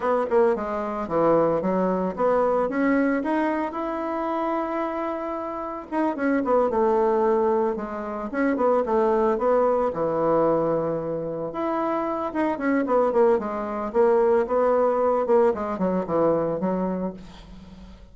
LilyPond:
\new Staff \with { instrumentName = "bassoon" } { \time 4/4 \tempo 4 = 112 b8 ais8 gis4 e4 fis4 | b4 cis'4 dis'4 e'4~ | e'2. dis'8 cis'8 | b8 a2 gis4 cis'8 |
b8 a4 b4 e4.~ | e4. e'4. dis'8 cis'8 | b8 ais8 gis4 ais4 b4~ | b8 ais8 gis8 fis8 e4 fis4 | }